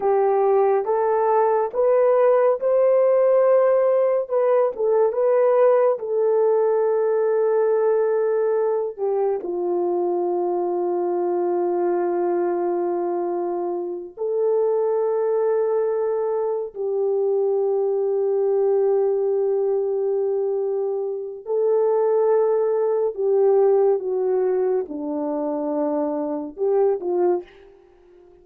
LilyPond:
\new Staff \with { instrumentName = "horn" } { \time 4/4 \tempo 4 = 70 g'4 a'4 b'4 c''4~ | c''4 b'8 a'8 b'4 a'4~ | a'2~ a'8 g'8 f'4~ | f'1~ |
f'8 a'2. g'8~ | g'1~ | g'4 a'2 g'4 | fis'4 d'2 g'8 f'8 | }